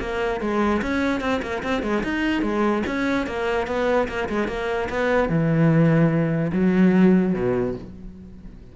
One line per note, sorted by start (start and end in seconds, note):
0.00 0.41 A#3
0.41 0.82 G#3
0.82 1.21 C#4
1.21 1.41 C4
1.42 1.62 A#3
1.63 1.83 C4
1.83 2.03 G#3
2.03 2.42 D#4
2.42 2.83 G#3
2.87 3.27 C#4
3.27 3.67 A#3
3.67 4.08 B3
4.08 4.29 A#3
4.29 4.48 G#3
4.48 4.88 A#3
4.89 5.29 B3
5.29 6.51 E3
6.52 7.34 F#3
7.34 7.75 B2